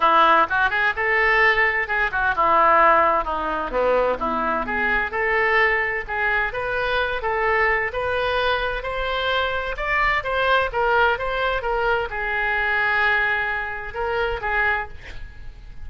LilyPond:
\new Staff \with { instrumentName = "oboe" } { \time 4/4 \tempo 4 = 129 e'4 fis'8 gis'8 a'2 | gis'8 fis'8 e'2 dis'4 | b4 e'4 gis'4 a'4~ | a'4 gis'4 b'4. a'8~ |
a'4 b'2 c''4~ | c''4 d''4 c''4 ais'4 | c''4 ais'4 gis'2~ | gis'2 ais'4 gis'4 | }